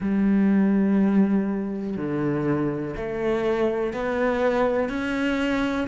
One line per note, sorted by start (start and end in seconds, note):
0.00 1.97 G3
1.97 2.95 D3
2.96 3.93 A3
3.93 4.89 B3
4.89 5.87 C#4